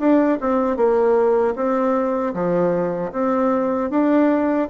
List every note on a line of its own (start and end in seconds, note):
0.00 0.39 D4
0.41 0.77 C4
0.77 1.55 A#3
1.56 2.34 C4
2.34 3.12 F3
3.13 3.90 C4
3.90 4.68 D4